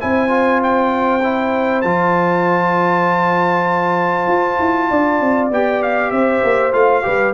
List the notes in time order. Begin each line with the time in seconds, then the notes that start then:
0.00 C4 E4 C5 G#5
0.28 F4
0.63 G5
1.23 E4
1.81 F3 F4 A5
4.27 F4
4.59 E4
4.89 D4 D5
5.20 C4
5.51 B3 G4 G5
5.83 F5
6.11 C4 C5 E5
6.43 A#3
6.72 A3 F4 F5
7.02 G3 G4 B4